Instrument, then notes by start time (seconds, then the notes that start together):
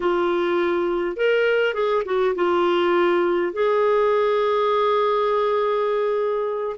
clarinet
0.00 F4
1.16 A#4
1.74 G#4
2.05 F#4
2.35 F4
3.52 G#4